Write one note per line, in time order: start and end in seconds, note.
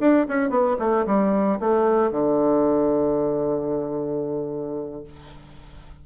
0.00 0.27 D4
0.28 0.50 C#4
0.50 0.77 B3
0.79 1.06 A3
1.06 1.59 G3
1.60 2.11 A3
2.11 5.03 D3